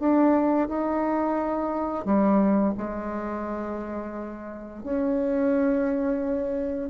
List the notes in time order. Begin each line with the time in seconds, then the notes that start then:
0.00 D4
0.69 D#4
2.05 G3
2.78 G#3
4.84 C#4